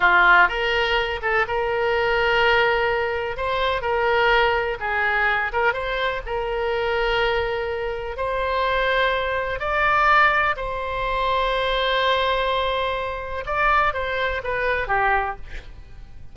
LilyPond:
\new Staff \with { instrumentName = "oboe" } { \time 4/4 \tempo 4 = 125 f'4 ais'4. a'8 ais'4~ | ais'2. c''4 | ais'2 gis'4. ais'8 | c''4 ais'2.~ |
ais'4 c''2. | d''2 c''2~ | c''1 | d''4 c''4 b'4 g'4 | }